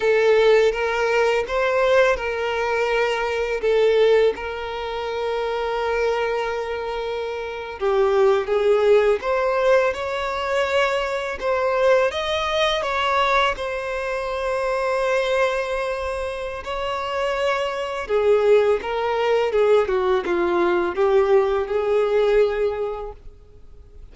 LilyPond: \new Staff \with { instrumentName = "violin" } { \time 4/4 \tempo 4 = 83 a'4 ais'4 c''4 ais'4~ | ais'4 a'4 ais'2~ | ais'2~ ais'8. g'4 gis'16~ | gis'8. c''4 cis''2 c''16~ |
c''8. dis''4 cis''4 c''4~ c''16~ | c''2. cis''4~ | cis''4 gis'4 ais'4 gis'8 fis'8 | f'4 g'4 gis'2 | }